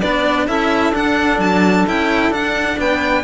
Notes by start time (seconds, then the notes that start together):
0.00 B3 D4 B4 D5
0.47 C#4 E4 A4 E5
0.92 D4 F#5
1.38 F#3 A5
1.87 C#4 E4 G5
2.30 D4 F#5
2.78 B3 B4 G5